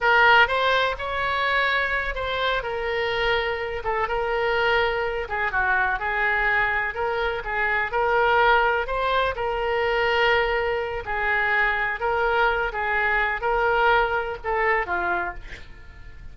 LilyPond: \new Staff \with { instrumentName = "oboe" } { \time 4/4 \tempo 4 = 125 ais'4 c''4 cis''2~ | cis''8 c''4 ais'2~ ais'8 | a'8 ais'2~ ais'8 gis'8 fis'8~ | fis'8 gis'2 ais'4 gis'8~ |
gis'8 ais'2 c''4 ais'8~ | ais'2. gis'4~ | gis'4 ais'4. gis'4. | ais'2 a'4 f'4 | }